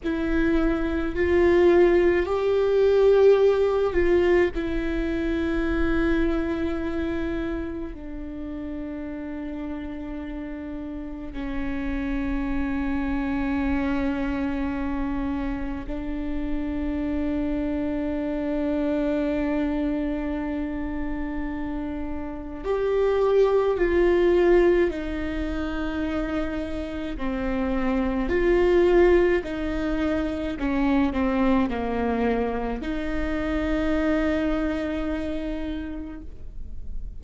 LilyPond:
\new Staff \with { instrumentName = "viola" } { \time 4/4 \tempo 4 = 53 e'4 f'4 g'4. f'8 | e'2. d'4~ | d'2 cis'2~ | cis'2 d'2~ |
d'1 | g'4 f'4 dis'2 | c'4 f'4 dis'4 cis'8 c'8 | ais4 dis'2. | }